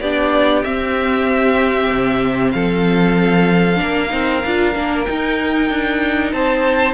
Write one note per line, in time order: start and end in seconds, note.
0.00 0.63 B3
0.00 0.63 D4
0.00 2.53 G4
0.00 0.63 D5
0.63 3.75 C4
0.63 1.90 C4
0.63 2.51 E5
1.90 2.53 C3
2.51 3.81 F3
2.51 3.80 A4
2.51 5.03 F5
3.75 4.12 A#3
3.75 4.07 D4
3.75 6.32 A#4
4.09 4.44 C4
4.09 4.41 D#4
4.45 4.75 D4
4.45 4.74 F4
4.74 5.06 A#3
4.74 5.05 D4
5.04 6.94 D#4
5.04 5.69 D#4
5.04 6.31 G5
5.69 6.32 D4
6.32 6.94 C4
6.32 6.94 C5
6.32 6.94 A5